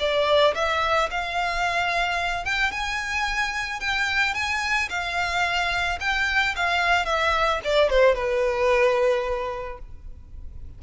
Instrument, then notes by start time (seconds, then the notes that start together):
violin
0.00 D5
0.55 E5
1.11 F5
2.45 G5
2.72 G#5
3.80 G5
4.34 G#5
4.90 F5
6.01 G5
6.56 F5
7.06 E5
7.64 D5
7.90 C5
8.15 B4